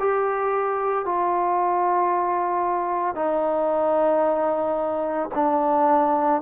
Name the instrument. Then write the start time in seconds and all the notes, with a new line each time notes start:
trombone
0.00 G4
1.05 F4
3.16 D#4
5.35 D4